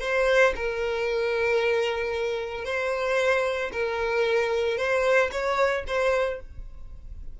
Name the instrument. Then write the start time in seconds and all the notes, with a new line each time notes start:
violin
0.00 C5
0.55 A#4
2.64 C5
3.72 A#4
4.77 C5
5.31 C#5
5.87 C5